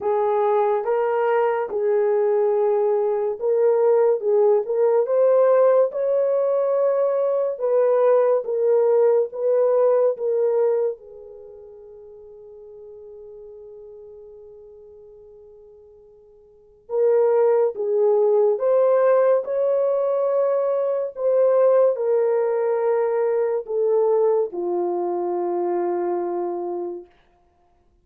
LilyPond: \new Staff \with { instrumentName = "horn" } { \time 4/4 \tempo 4 = 71 gis'4 ais'4 gis'2 | ais'4 gis'8 ais'8 c''4 cis''4~ | cis''4 b'4 ais'4 b'4 | ais'4 gis'2.~ |
gis'1 | ais'4 gis'4 c''4 cis''4~ | cis''4 c''4 ais'2 | a'4 f'2. | }